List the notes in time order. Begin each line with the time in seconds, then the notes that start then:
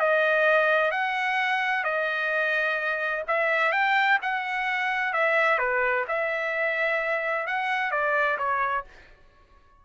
0.00 D#5
0.92 F#5
1.84 D#5
3.28 E5
3.72 G5
4.22 F#5
5.14 E5
5.58 B4
6.08 E5
7.47 F#5
7.91 D5
8.38 C#5